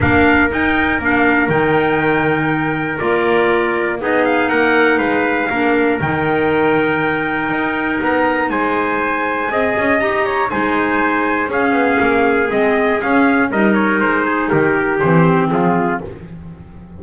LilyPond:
<<
  \new Staff \with { instrumentName = "trumpet" } { \time 4/4 \tempo 4 = 120 f''4 g''4 f''4 g''4~ | g''2 d''2 | dis''8 f''8 fis''4 f''2 | g''1 |
ais''4 gis''2. | ais''4 gis''2 f''4~ | f''4 dis''4 f''4 dis''8 cis''8 | c''4 ais'4 c''4 gis'4 | }
  \new Staff \with { instrumentName = "trumpet" } { \time 4/4 ais'1~ | ais'1 | gis'4 ais'4 b'4 ais'4~ | ais'1~ |
ais'4 c''2 dis''4~ | dis''8 cis''8 c''2 gis'4~ | gis'2. ais'4~ | ais'8 gis'8 g'2 f'4 | }
  \new Staff \with { instrumentName = "clarinet" } { \time 4/4 d'4 dis'4 d'4 dis'4~ | dis'2 f'2 | dis'2. d'4 | dis'1~ |
dis'2. gis'4 | g'4 dis'2 cis'4~ | cis'4 c'4 cis'4 dis'4~ | dis'2 c'2 | }
  \new Staff \with { instrumentName = "double bass" } { \time 4/4 ais4 dis'4 ais4 dis4~ | dis2 ais2 | b4 ais4 gis4 ais4 | dis2. dis'4 |
b4 gis2 c'8 cis'8 | dis'4 gis2 cis'8 b8 | ais4 gis4 cis'4 g4 | gis4 dis4 e4 f4 | }
>>